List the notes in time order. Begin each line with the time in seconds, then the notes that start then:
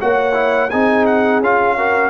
0.00 A#3 F#4 C#5 F#5
0.34 E4
0.70 C4 D#4 G#4 G#5
1.06 F#5
1.41 C#4 F4 F5
1.77 F#4 A#4